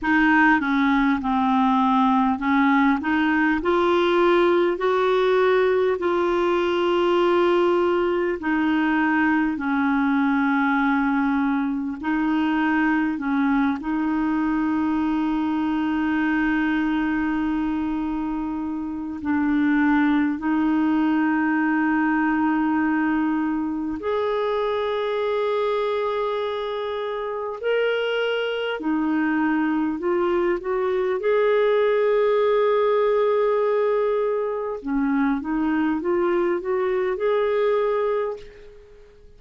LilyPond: \new Staff \with { instrumentName = "clarinet" } { \time 4/4 \tempo 4 = 50 dis'8 cis'8 c'4 cis'8 dis'8 f'4 | fis'4 f'2 dis'4 | cis'2 dis'4 cis'8 dis'8~ | dis'1 |
d'4 dis'2. | gis'2. ais'4 | dis'4 f'8 fis'8 gis'2~ | gis'4 cis'8 dis'8 f'8 fis'8 gis'4 | }